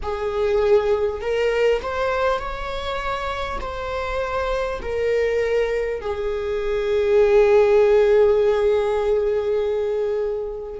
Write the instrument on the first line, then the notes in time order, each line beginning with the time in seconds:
viola
0.02 G#4
1.21 A#4
1.81 C5
2.38 C#5
3.60 C5
4.81 A#4
6.00 G#4